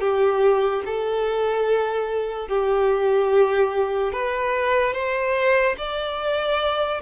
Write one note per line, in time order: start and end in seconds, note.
0.00 0.82 G4
0.85 2.48 A4
2.48 4.12 G4
4.12 4.93 B4
4.93 5.75 C5
5.78 7.01 D5